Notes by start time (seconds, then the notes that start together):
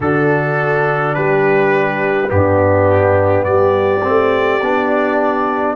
0.00 D3 D4 F#4 A4
1.14 G3 G4 B4
2.27 G2 B3 G4
2.34 D4
3.44 G3 G4 D5
4.02 A3 C4
4.61 B3 D4